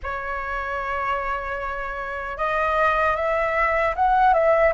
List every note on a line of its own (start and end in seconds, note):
0.03 2.37 C#5
2.37 3.16 D#5
3.16 3.95 E5
3.95 4.33 F#5
4.33 4.73 E5